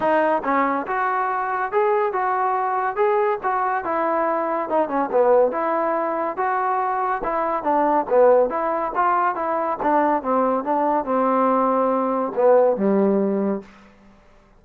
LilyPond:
\new Staff \with { instrumentName = "trombone" } { \time 4/4 \tempo 4 = 141 dis'4 cis'4 fis'2 | gis'4 fis'2 gis'4 | fis'4 e'2 dis'8 cis'8 | b4 e'2 fis'4~ |
fis'4 e'4 d'4 b4 | e'4 f'4 e'4 d'4 | c'4 d'4 c'2~ | c'4 b4 g2 | }